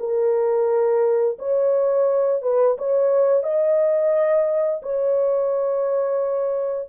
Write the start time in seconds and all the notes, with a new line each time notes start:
0.00 A#4
1.39 C#5
2.42 B4
2.78 C#5
3.44 D#5
4.82 C#5